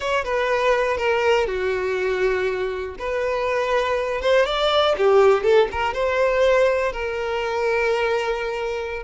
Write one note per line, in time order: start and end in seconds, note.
0.00 0.24 C#5
0.24 0.97 B4
0.97 1.47 A#4
1.47 2.95 F#4
2.98 4.21 B4
4.21 4.45 C5
4.45 4.95 D5
4.97 5.43 G4
5.43 5.68 A4
5.71 5.93 A#4
5.93 6.92 C5
6.92 9.03 A#4